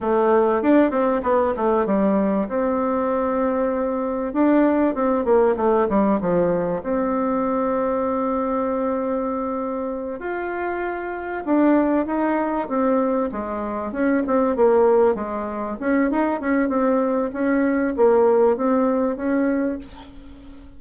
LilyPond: \new Staff \with { instrumentName = "bassoon" } { \time 4/4 \tempo 4 = 97 a4 d'8 c'8 b8 a8 g4 | c'2. d'4 | c'8 ais8 a8 g8 f4 c'4~ | c'1~ |
c'8 f'2 d'4 dis'8~ | dis'8 c'4 gis4 cis'8 c'8 ais8~ | ais8 gis4 cis'8 dis'8 cis'8 c'4 | cis'4 ais4 c'4 cis'4 | }